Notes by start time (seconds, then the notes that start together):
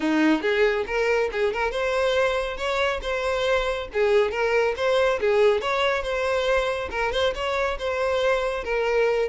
0.00 D#4
0.41 G#4
0.86 A#4
1.32 G#4
1.53 A#4
1.71 C5
2.57 C#5
3.01 C5
3.93 G#4
4.31 A#4
4.76 C5
5.20 G#4
5.61 C#5
6.03 C5
6.91 A#4
7.12 C5
7.35 C#5
7.78 C5
8.64 A#4